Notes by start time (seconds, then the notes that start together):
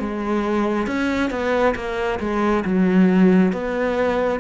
0.00 G#3
0.87 C#4
1.31 B3
1.76 A#3
2.20 G#3
2.65 F#3
3.53 B3